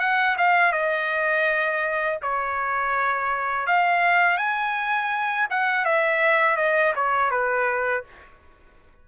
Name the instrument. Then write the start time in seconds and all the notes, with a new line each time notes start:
trumpet
0.00 F#5
0.38 F5
0.73 D#5
2.23 C#5
3.67 F5
4.38 G#5
5.50 F#5
5.86 E5
6.57 D#5
6.96 C#5
7.31 B4